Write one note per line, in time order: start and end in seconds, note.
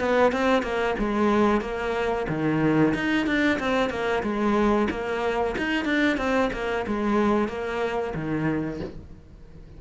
0.00 0.33 B3
0.33 0.63 C4
0.63 0.95 A#3
0.99 1.62 G#3
1.62 2.27 A#3
2.29 2.94 D#3
2.95 3.27 D#4
3.27 3.60 D4
3.60 3.90 C4
3.90 4.23 A#3
4.24 4.89 G#3
4.91 5.56 A#3
5.58 5.85 D#4
5.85 6.18 D4
6.18 6.51 C4
6.54 6.86 A#3
6.87 7.49 G#3
7.49 8.14 A#3
8.15 8.80 D#3